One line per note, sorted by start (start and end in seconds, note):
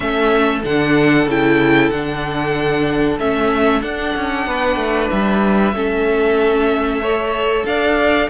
0.00 0.63 A3
0.00 0.61 C#4
0.00 4.47 A4
0.00 0.61 E5
0.64 1.26 D3
0.64 1.28 D4
0.64 1.29 F#5
1.26 1.90 C#3
1.26 1.93 E4
1.26 1.90 G5
1.90 3.18 D3
1.90 3.19 D4
1.90 3.18 F#5
3.19 3.82 A3
3.19 3.81 C#4
3.19 3.82 E5
3.81 5.72 D4
3.81 4.15 D4
3.81 5.09 F#5
4.15 4.46 C#4
4.46 4.76 B3
4.46 5.75 B4
4.76 5.07 A3
5.10 5.72 G3
5.10 7.65 E5
5.72 7.64 A3
5.72 7.02 C#4
5.72 7.01 A4
7.01 8.29 A4
7.01 7.65 C#5
7.65 8.28 D4
7.65 8.29 D5
7.65 8.29 F5